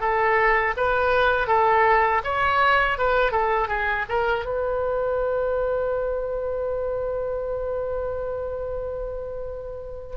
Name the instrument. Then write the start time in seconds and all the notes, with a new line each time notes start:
oboe
0.00 A4
0.77 B4
1.47 A4
2.24 C#5
2.98 B4
3.32 A4
3.68 G#4
4.09 A#4
4.45 B4